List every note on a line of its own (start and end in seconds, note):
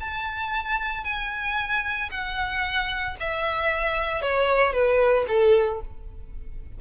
0.00 1.04 A5
1.04 2.09 G#5
2.11 3.16 F#5
3.20 4.22 E5
4.22 4.73 C#5
4.73 5.25 B4
5.28 5.80 A4